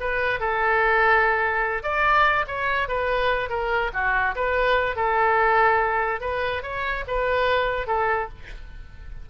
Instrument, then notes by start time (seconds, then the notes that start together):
oboe
0.00 B4
0.40 A4
1.83 D5
2.47 C#5
2.88 B4
3.49 A#4
3.93 F#4
4.35 B4
4.95 A4
6.20 B4
6.62 C#5
7.07 B4
7.87 A4